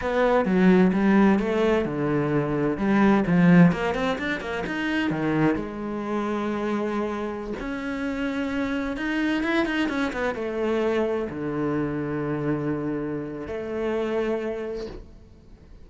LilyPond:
\new Staff \with { instrumentName = "cello" } { \time 4/4 \tempo 4 = 129 b4 fis4 g4 a4 | d2 g4 f4 | ais8 c'8 d'8 ais8 dis'4 dis4 | gis1~ |
gis16 cis'2. dis'8.~ | dis'16 e'8 dis'8 cis'8 b8 a4.~ a16~ | a16 d2.~ d8.~ | d4 a2. | }